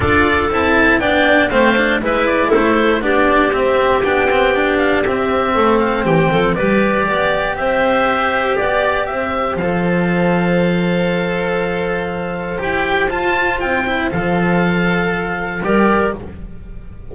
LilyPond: <<
  \new Staff \with { instrumentName = "oboe" } { \time 4/4 \tempo 4 = 119 d''4 a''4 g''4 f''4 | e''8 d''8 c''4 d''4 e''4 | g''4. f''8 e''4. f''8 | g''4 d''2 e''4~ |
e''4 d''4 e''4 f''4~ | f''1~ | f''4 g''4 a''4 g''4 | f''2. d''4 | }
  \new Staff \with { instrumentName = "clarinet" } { \time 4/4 a'2 d''4 c''4 | b'4 a'4 g'2~ | g'2. a'4 | g'8 a'8 b'4 d''4 c''4~ |
c''4 d''4 c''2~ | c''1~ | c''1~ | c''2. ais'4 | }
  \new Staff \with { instrumentName = "cello" } { \time 4/4 f'4 e'4 d'4 c'8 d'8 | e'2 d'4 c'4 | d'8 c'8 d'4 c'2~ | c'4 g'2.~ |
g'2. a'4~ | a'1~ | a'4 g'4 f'4. e'8 | a'2. g'4 | }
  \new Staff \with { instrumentName = "double bass" } { \time 4/4 d'4 c'4 b4 a4 | gis4 a4 b4 c'4 | b2 c'4 a4 | e8 f8 g4 b4 c'4~ |
c'4 b4 c'4 f4~ | f1~ | f4 e'4 f'4 c'4 | f2. g4 | }
>>